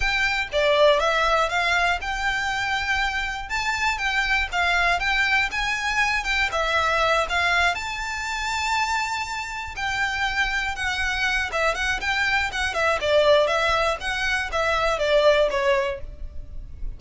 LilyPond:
\new Staff \with { instrumentName = "violin" } { \time 4/4 \tempo 4 = 120 g''4 d''4 e''4 f''4 | g''2. a''4 | g''4 f''4 g''4 gis''4~ | gis''8 g''8 e''4. f''4 a''8~ |
a''2.~ a''8 g''8~ | g''4. fis''4. e''8 fis''8 | g''4 fis''8 e''8 d''4 e''4 | fis''4 e''4 d''4 cis''4 | }